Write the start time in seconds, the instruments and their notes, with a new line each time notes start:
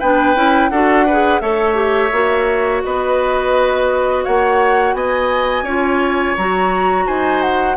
0.00 bassoon B3, clarinet D4, oboe B4, flute G5
0.35 bassoon C#4, clarinet E4
0.70 bassoon D4, clarinet F#4, oboe A4, flute F#5
1.06 clarinet G#4, oboe B4
1.40 bassoon A3, clarinet A4, oboe C#5, flute E5
1.75 clarinet G4
2.12 bassoon A#3, clarinet F#4
2.84 bassoon B3, oboe B4, flute D#5
4.24 bassoon A#3, oboe C#5, flute F#5
4.94 bassoon B3, oboe D#5, flute G#5
5.63 bassoon C#4, clarinet F4, oboe C#5
6.37 bassoon F#3, clarinet F#4, flute A#5
7.07 bassoon D#4, oboe C5, flute G#5
7.42 flute F#5